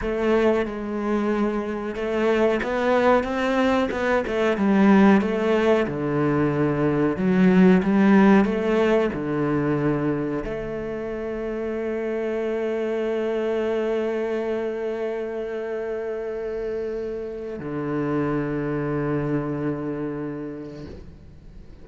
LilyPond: \new Staff \with { instrumentName = "cello" } { \time 4/4 \tempo 4 = 92 a4 gis2 a4 | b4 c'4 b8 a8 g4 | a4 d2 fis4 | g4 a4 d2 |
a1~ | a1~ | a2. d4~ | d1 | }